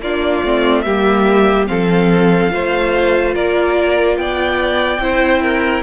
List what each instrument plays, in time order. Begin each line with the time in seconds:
0.00 cello A#3, viola D4, violin F4 D5
0.44 cello A3, viola C4
0.82 cello G3, viola A#3, violin G4 E5
1.68 cello F3, viola C4, violin A4 F5
2.50 cello A3, viola F4, violin C5
3.34 cello A#3, violin A#4 D5
4.18 cello B3, violin D5 G5
4.99 cello C4, viola E4, violin C5
5.42 violin A#4